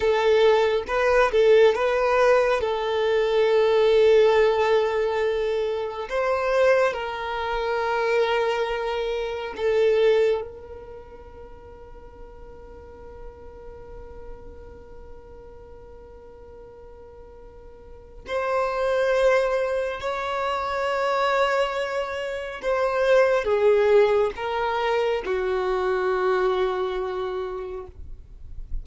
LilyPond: \new Staff \with { instrumentName = "violin" } { \time 4/4 \tempo 4 = 69 a'4 b'8 a'8 b'4 a'4~ | a'2. c''4 | ais'2. a'4 | ais'1~ |
ais'1~ | ais'4 c''2 cis''4~ | cis''2 c''4 gis'4 | ais'4 fis'2. | }